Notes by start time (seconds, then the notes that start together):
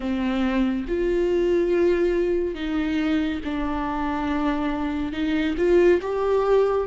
0.00 C4
0.88 F4
2.54 D#4
3.44 D4
5.12 D#4
5.57 F4
6.01 G4